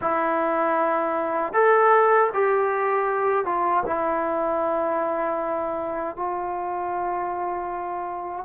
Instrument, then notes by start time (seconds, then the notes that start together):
trombone
0.01 E4
1.53 A4
2.33 G4
3.45 F4
3.86 E4
6.15 F4